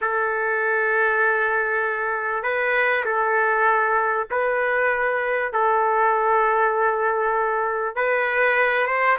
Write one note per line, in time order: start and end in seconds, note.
0.01 2.43 A4
2.43 3.04 B4
3.05 4.27 A4
4.30 5.52 B4
5.52 7.95 A4
7.95 8.86 B4
8.86 9.17 C5